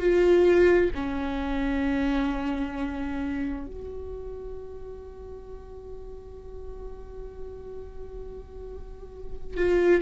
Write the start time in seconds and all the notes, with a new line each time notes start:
0.00 F4
0.95 C#4
3.67 F#4
9.57 F4